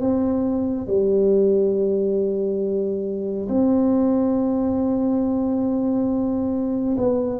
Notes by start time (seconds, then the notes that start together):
0.00 C4
0.87 G3
3.48 C4
6.97 B3